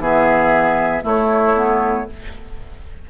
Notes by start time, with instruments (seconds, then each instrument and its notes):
0.00 bassoon E3, clarinet B3, oboe G#4, flute E5
1.03 clarinet A3, bassoon A3, oboe E4, flute C#5
1.55 clarinet B3